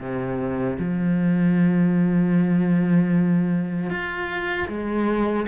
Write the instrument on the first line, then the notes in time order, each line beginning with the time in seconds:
cello
0.00 C3
0.79 F3
3.90 F4
4.69 G#3